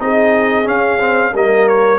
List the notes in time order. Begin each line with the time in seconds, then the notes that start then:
0.00 C4 D#4 G#4 D#5
0.65 C#4 F5
1.00 C4
1.33 G3 A#3 A#4 D#5
1.69 C#5